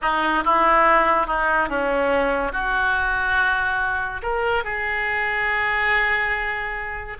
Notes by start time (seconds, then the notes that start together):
0.01 D#4
0.44 E4
1.27 D#4
1.68 C#4
2.52 F#4
4.22 A#4
4.64 G#4